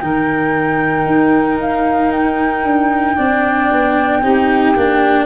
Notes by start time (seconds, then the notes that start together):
0.00 D#3 D#4 A#4 G5
1.06 D#4
1.60 F5
2.12 G5
2.64 D4
3.16 C4 D4 D5
3.71 B3
4.20 C4 D#4 G4
4.76 A#3 D4